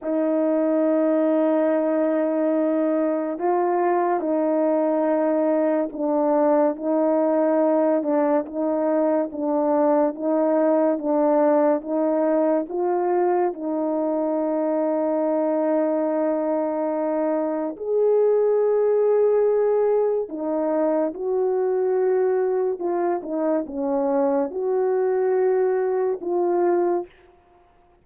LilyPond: \new Staff \with { instrumentName = "horn" } { \time 4/4 \tempo 4 = 71 dis'1 | f'4 dis'2 d'4 | dis'4. d'8 dis'4 d'4 | dis'4 d'4 dis'4 f'4 |
dis'1~ | dis'4 gis'2. | dis'4 fis'2 f'8 dis'8 | cis'4 fis'2 f'4 | }